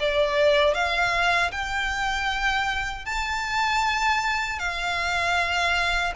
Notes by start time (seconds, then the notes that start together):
0.00 D5
0.74 F5
1.52 G5
3.06 A5
4.59 F5